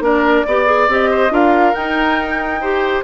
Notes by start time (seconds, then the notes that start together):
0.00 A#3 D4 A#4 D5
0.47 B3 G4 D5
0.66 G#4
0.88 C4 G4 D#5
1.11 C5
1.30 D4 F4 A#4 F5
1.74 D#4 G5
2.61 G4 C5